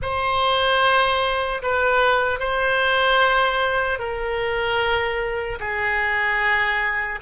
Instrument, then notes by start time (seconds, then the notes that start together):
oboe
0.01 C5
1.62 B4
2.39 C5
3.98 A#4
5.59 G#4